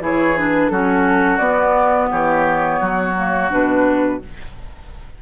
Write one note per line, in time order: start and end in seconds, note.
0.00 0.70 E3
0.00 0.35 E4
0.00 0.72 G#4
0.00 0.37 C#5
0.37 0.72 D4
0.37 0.69 B4
0.69 1.39 F#3
0.69 1.40 C#4
0.69 2.11 F#4
0.69 1.38 A4
1.38 2.09 B3
1.38 3.14 B3
1.38 2.08 D5
2.11 2.81 E3
2.11 2.81 G4
2.11 3.51 C#5
2.81 3.51 F#3
2.81 4.20 F#4
3.17 3.51 A#3
3.51 4.21 B2
3.51 4.20 D4
3.51 4.22 B4